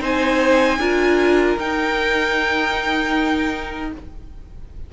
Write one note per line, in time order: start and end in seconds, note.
0.00 0.78 C4
0.00 0.78 D#4
0.00 0.78 C5
0.00 1.59 G#5
0.78 1.56 D4
0.78 1.58 F4
0.78 3.91 A#4
1.57 3.91 D#4
1.57 3.92 D#4
1.57 3.92 G5